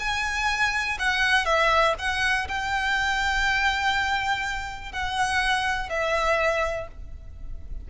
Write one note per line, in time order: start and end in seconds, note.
0.00 0.98 G#5
0.99 1.46 F#5
1.46 1.95 E5
1.99 2.48 F#5
2.49 4.93 G5
4.93 5.90 F#5
5.90 6.88 E5